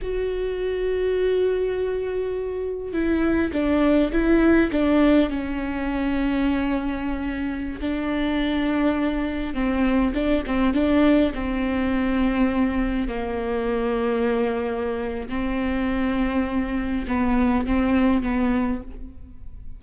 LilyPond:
\new Staff \with { instrumentName = "viola" } { \time 4/4 \tempo 4 = 102 fis'1~ | fis'4 e'4 d'4 e'4 | d'4 cis'2.~ | cis'4~ cis'16 d'2~ d'8.~ |
d'16 c'4 d'8 c'8 d'4 c'8.~ | c'2~ c'16 ais4.~ ais16~ | ais2 c'2~ | c'4 b4 c'4 b4 | }